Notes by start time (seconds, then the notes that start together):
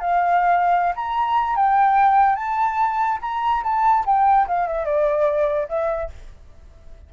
0.00 F5
0.96 A#5
1.56 G5
2.36 A5
3.21 A#5
3.63 A5
4.06 G5
4.47 F5
4.67 E5
4.85 D5
5.68 E5